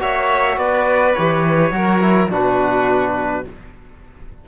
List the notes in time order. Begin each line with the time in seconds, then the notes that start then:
0.00 A#3 F#4 C#5 E5
0.57 B3 B4 D5
1.15 E3 G4 C#5
1.72 F#3 F#4 A#4
2.01 E4
2.30 B2 D4 F#4 B4